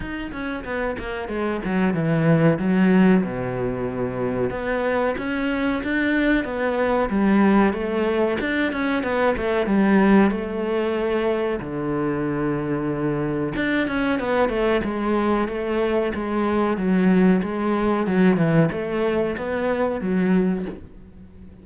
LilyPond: \new Staff \with { instrumentName = "cello" } { \time 4/4 \tempo 4 = 93 dis'8 cis'8 b8 ais8 gis8 fis8 e4 | fis4 b,2 b4 | cis'4 d'4 b4 g4 | a4 d'8 cis'8 b8 a8 g4 |
a2 d2~ | d4 d'8 cis'8 b8 a8 gis4 | a4 gis4 fis4 gis4 | fis8 e8 a4 b4 fis4 | }